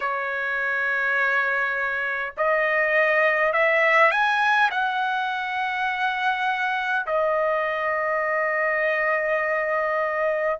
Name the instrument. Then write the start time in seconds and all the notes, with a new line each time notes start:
trumpet
0.00 C#5
2.37 D#5
3.52 E5
4.11 G#5
4.71 F#5
7.06 D#5